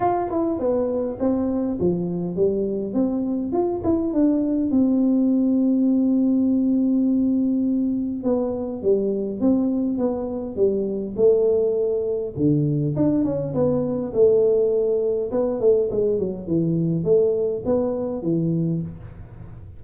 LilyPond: \new Staff \with { instrumentName = "tuba" } { \time 4/4 \tempo 4 = 102 f'8 e'8 b4 c'4 f4 | g4 c'4 f'8 e'8 d'4 | c'1~ | c'2 b4 g4 |
c'4 b4 g4 a4~ | a4 d4 d'8 cis'8 b4 | a2 b8 a8 gis8 fis8 | e4 a4 b4 e4 | }